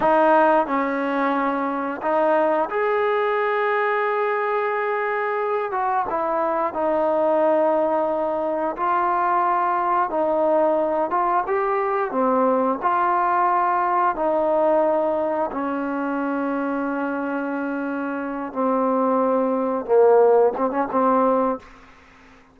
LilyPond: \new Staff \with { instrumentName = "trombone" } { \time 4/4 \tempo 4 = 89 dis'4 cis'2 dis'4 | gis'1~ | gis'8 fis'8 e'4 dis'2~ | dis'4 f'2 dis'4~ |
dis'8 f'8 g'4 c'4 f'4~ | f'4 dis'2 cis'4~ | cis'2.~ cis'8 c'8~ | c'4. ais4 c'16 cis'16 c'4 | }